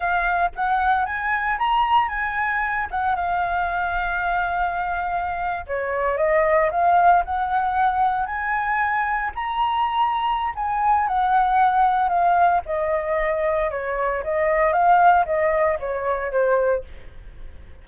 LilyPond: \new Staff \with { instrumentName = "flute" } { \time 4/4 \tempo 4 = 114 f''4 fis''4 gis''4 ais''4 | gis''4. fis''8 f''2~ | f''2~ f''8. cis''4 dis''16~ | dis''8. f''4 fis''2 gis''16~ |
gis''4.~ gis''16 ais''2~ ais''16 | gis''4 fis''2 f''4 | dis''2 cis''4 dis''4 | f''4 dis''4 cis''4 c''4 | }